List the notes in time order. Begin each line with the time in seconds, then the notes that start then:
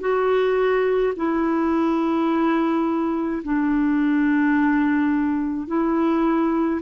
0.00 F#4
1.16 E4
3.43 D4
5.67 E4